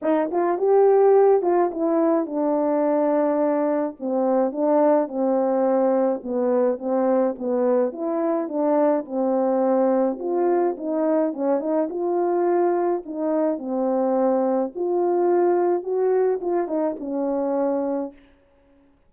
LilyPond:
\new Staff \with { instrumentName = "horn" } { \time 4/4 \tempo 4 = 106 dis'8 f'8 g'4. f'8 e'4 | d'2. c'4 | d'4 c'2 b4 | c'4 b4 e'4 d'4 |
c'2 f'4 dis'4 | cis'8 dis'8 f'2 dis'4 | c'2 f'2 | fis'4 f'8 dis'8 cis'2 | }